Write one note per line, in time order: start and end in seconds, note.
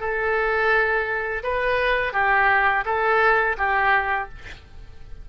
0.00 1.43 A4
1.43 2.13 B4
2.13 2.84 G4
2.85 3.57 A4
3.57 4.29 G4